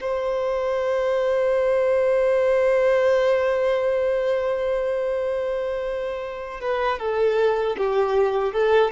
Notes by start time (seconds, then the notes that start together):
0.00 C5
6.60 B4
6.98 A4
7.77 G4
8.53 A4